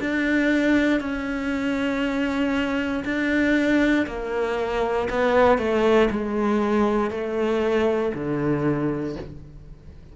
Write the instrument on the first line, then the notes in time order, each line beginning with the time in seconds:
cello
0.00 D4
1.00 C#4
3.04 D4
4.06 A#3
5.09 B3
5.58 A3
6.10 G#3
7.10 A3
8.14 D3